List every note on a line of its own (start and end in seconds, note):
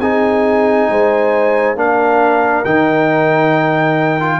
0.00 0.88 C4
0.00 1.77 D#4
0.00 0.90 G#4
0.00 1.77 G#5
0.89 1.76 G#3
0.89 1.79 C5
1.76 2.64 A#3
1.76 2.65 D4
1.76 4.40 A#4
1.76 2.65 F5
2.65 4.40 D#3
2.65 4.20 D#4
2.65 4.40 G5
4.21 4.40 F4